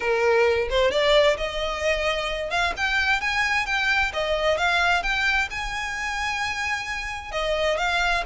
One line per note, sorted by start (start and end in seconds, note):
0.00 0.68 A#4
0.70 0.91 C5
0.91 1.37 D5
1.37 2.50 D#5
2.50 2.73 F5
2.76 3.21 G5
3.21 3.66 G#5
3.66 4.12 G5
4.13 4.57 D#5
4.57 5.03 F5
5.03 5.48 G5
5.50 7.31 G#5
7.31 7.77 D#5
7.77 8.23 F5